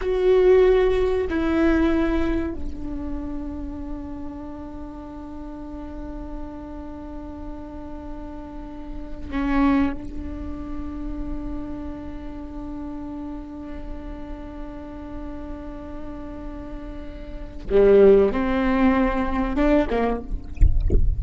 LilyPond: \new Staff \with { instrumentName = "viola" } { \time 4/4 \tempo 4 = 95 fis'2 e'2 | d'1~ | d'1~ | d'2~ d'8. cis'4 d'16~ |
d'1~ | d'1~ | d'1 | g4 c'2 d'8 ais8 | }